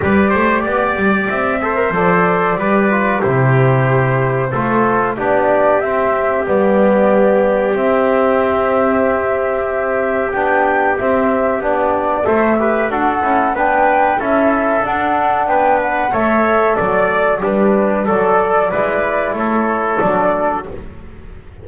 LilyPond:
<<
  \new Staff \with { instrumentName = "flute" } { \time 4/4 \tempo 4 = 93 d''2 e''4 d''4~ | d''4 c''2. | d''4 e''4 d''2 | e''1 |
g''4 e''4 d''4 e''4 | fis''4 g''4 e''4 fis''4 | g''8 fis''8 e''4 d''4 b'4 | d''2 cis''4 d''4 | }
  \new Staff \with { instrumentName = "trumpet" } { \time 4/4 b'8 c''8 d''4. c''4. | b'4 g'2 a'4 | g'1~ | g'1~ |
g'2. c''8 b'8 | a'4 b'4 a'2 | b'4 cis''4 d''4 d'4 | a'4 b'4 a'2 | }
  \new Staff \with { instrumentName = "trombone" } { \time 4/4 g'2~ g'8 a'16 ais'16 a'4 | g'8 f'8 e'2 f'4 | d'4 c'4 b2 | c'1 |
d'4 c'4 d'4 a'8 g'8 | fis'8 e'8 d'4 e'4 d'4~ | d'4 a'2 g'4 | a'4 e'2 d'4 | }
  \new Staff \with { instrumentName = "double bass" } { \time 4/4 g8 a8 b8 g8 c'4 f4 | g4 c2 a4 | b4 c'4 g2 | c'1 |
b4 c'4 b4 a4 | d'8 cis'8 b4 cis'4 d'4 | b4 a4 fis4 g4 | fis4 gis4 a4 fis4 | }
>>